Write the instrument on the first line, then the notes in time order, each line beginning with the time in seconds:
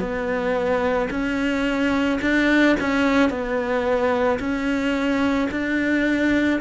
cello
0.00 B3
1.11 C#4
2.22 D4
2.81 C#4
3.30 B3
4.40 C#4
5.51 D4